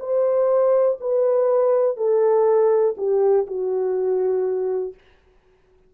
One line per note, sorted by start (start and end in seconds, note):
0.00 0.98 C5
1.01 1.97 B4
1.97 2.96 A4
2.98 3.47 G4
3.47 4.94 F#4